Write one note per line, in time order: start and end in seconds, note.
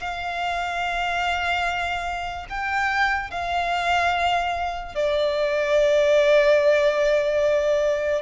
0.00 2.47 F5
2.49 3.30 G5
3.30 4.95 F5
4.95 8.22 D5